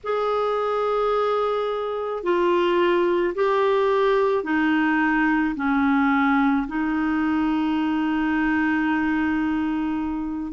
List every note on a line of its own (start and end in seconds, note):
0.03 2.23 G#4
2.23 3.34 F4
3.34 4.43 G4
4.43 5.55 D#4
5.55 6.66 C#4
6.67 10.53 D#4